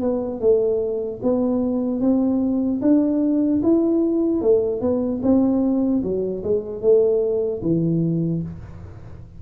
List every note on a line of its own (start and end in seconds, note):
0.00 0.40 B3
0.40 1.20 A3
1.23 2.01 B3
2.01 2.81 C4
2.81 3.61 D4
3.63 4.41 E4
4.41 4.81 A3
4.81 5.21 B3
5.23 6.03 C4
6.03 6.43 F#3
6.44 6.81 G#3
6.81 7.61 A3
7.62 8.42 E3